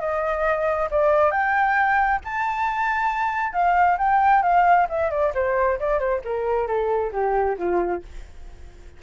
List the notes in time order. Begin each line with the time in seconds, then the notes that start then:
0.00 D#5
0.91 D5
1.31 G5
2.24 A5
3.53 F5
3.98 G5
4.43 F5
4.89 E5
5.11 D5
5.34 C5
5.79 D5
5.99 C5
6.24 A#4
6.67 A4
7.12 G4
7.58 F4